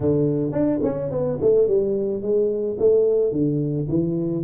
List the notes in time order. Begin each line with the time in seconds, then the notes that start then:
0.00 D3
0.52 D4
0.83 C#4
1.10 B3
1.41 A3
1.67 G3
2.21 G#3
2.79 A3
3.32 D3
3.88 E3